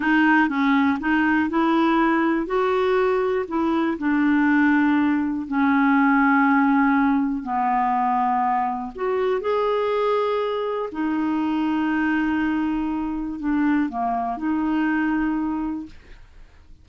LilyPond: \new Staff \with { instrumentName = "clarinet" } { \time 4/4 \tempo 4 = 121 dis'4 cis'4 dis'4 e'4~ | e'4 fis'2 e'4 | d'2. cis'4~ | cis'2. b4~ |
b2 fis'4 gis'4~ | gis'2 dis'2~ | dis'2. d'4 | ais4 dis'2. | }